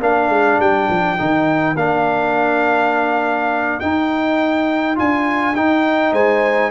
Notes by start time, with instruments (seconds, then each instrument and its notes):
0.00 tuba A#3, trombone D4, horn A#4, trumpet F5
0.29 tuba G#3
0.60 tuba G3, trumpet G5
0.90 tuba F3
1.18 tuba D#3, trombone D#4
1.76 tuba A#3, trombone D4, trumpet F5
3.80 trombone D#4, tuba D#4, trumpet G5
4.96 tuba D4, trombone F4, trumpet G#5
5.55 tuba D#4, trombone D#4, trumpet G5
6.12 tuba G#3, horn C5, trumpet G#5